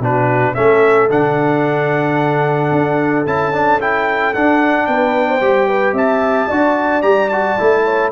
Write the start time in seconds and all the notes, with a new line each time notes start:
0.00 B2 D4 F#4 B4
0.54 A3 C#4 A4 E5
1.10 D3 D4 F#5
2.72 D4
3.26 C#4 E4 A5
3.53 D4
3.80 E4 G5
4.34 D4 F#5
4.86 B3 B4 G5
5.28 C5
5.41 G3 G4
5.69 B4
5.93 C4 E5 A5
6.48 D4 F#4 D5
7.02 G3 G4 A#5
7.29 F#4 A5
7.59 A3 E4
7.85 C#5